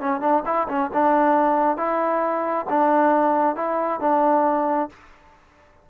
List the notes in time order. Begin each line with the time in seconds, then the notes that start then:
0.00 C#4
0.21 D4
0.45 E4
0.68 C#4
0.93 D4
1.77 E4
2.69 D4
3.56 E4
4.00 D4